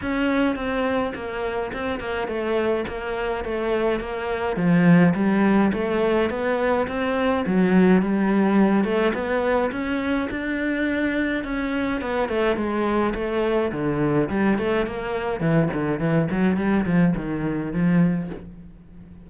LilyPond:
\new Staff \with { instrumentName = "cello" } { \time 4/4 \tempo 4 = 105 cis'4 c'4 ais4 c'8 ais8 | a4 ais4 a4 ais4 | f4 g4 a4 b4 | c'4 fis4 g4. a8 |
b4 cis'4 d'2 | cis'4 b8 a8 gis4 a4 | d4 g8 a8 ais4 e8 d8 | e8 fis8 g8 f8 dis4 f4 | }